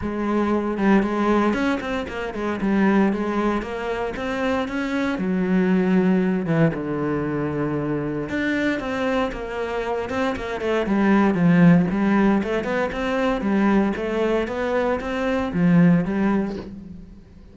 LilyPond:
\new Staff \with { instrumentName = "cello" } { \time 4/4 \tempo 4 = 116 gis4. g8 gis4 cis'8 c'8 | ais8 gis8 g4 gis4 ais4 | c'4 cis'4 fis2~ | fis8 e8 d2. |
d'4 c'4 ais4. c'8 | ais8 a8 g4 f4 g4 | a8 b8 c'4 g4 a4 | b4 c'4 f4 g4 | }